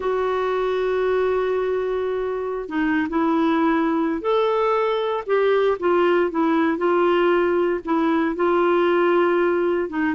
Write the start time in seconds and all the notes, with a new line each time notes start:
0.00 F#4
2.69 D#4
3.09 E4
4.21 A4
5.26 G4
5.79 F4
6.30 E4
6.77 F4
7.84 E4
8.35 F4
9.89 D#4